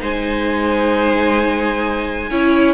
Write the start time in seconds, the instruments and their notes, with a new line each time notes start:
0.00 cello G#3, viola D#4, violin C5 G#5
2.30 cello C#4, viola E4, violin C#5